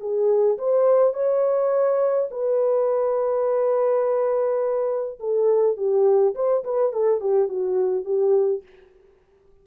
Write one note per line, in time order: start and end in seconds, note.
0.00 0.58 G#4
0.58 1.14 C5
1.14 2.29 C#5
2.31 5.19 B4
5.20 5.77 A4
5.77 6.34 G4
6.35 6.63 C5
6.64 6.93 B4
6.93 7.21 A4
7.21 7.48 G4
7.48 8.05 F#4
8.05 8.63 G4